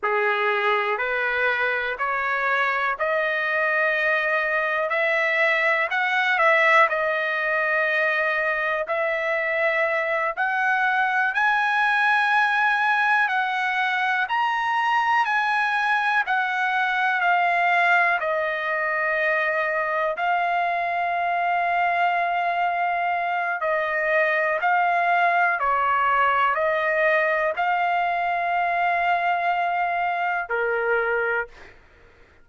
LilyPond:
\new Staff \with { instrumentName = "trumpet" } { \time 4/4 \tempo 4 = 61 gis'4 b'4 cis''4 dis''4~ | dis''4 e''4 fis''8 e''8 dis''4~ | dis''4 e''4. fis''4 gis''8~ | gis''4. fis''4 ais''4 gis''8~ |
gis''8 fis''4 f''4 dis''4.~ | dis''8 f''2.~ f''8 | dis''4 f''4 cis''4 dis''4 | f''2. ais'4 | }